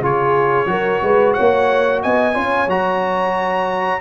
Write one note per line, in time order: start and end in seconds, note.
0.00 0.66 C#3
0.00 0.66 F4
0.00 0.69 G#4
0.00 1.33 C#5
0.66 0.99 F#3
0.66 2.33 F#4
0.66 1.02 A#4
1.02 1.36 G#3
1.02 1.35 B4
1.33 2.05 A#3
1.33 2.01 C#5
1.33 2.00 F#5
2.02 2.36 B3
2.02 2.35 D#5
2.02 2.69 G#5
2.34 2.67 C#4
2.34 2.67 F4
2.34 4.01 C#5
2.67 4.00 F#3
2.67 4.01 F#4
2.67 4.01 A#5